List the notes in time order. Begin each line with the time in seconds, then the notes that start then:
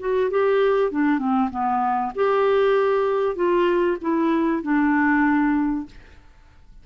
0.00 F#4
0.31 G4
0.92 D4
1.19 C4
1.51 B3
2.16 G4
3.36 F4
4.02 E4
4.63 D4